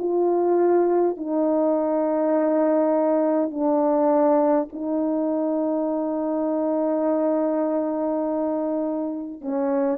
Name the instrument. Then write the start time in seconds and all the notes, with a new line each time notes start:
horn
0.00 F4
1.17 D#4
3.51 D4
4.73 D#4
9.42 C#4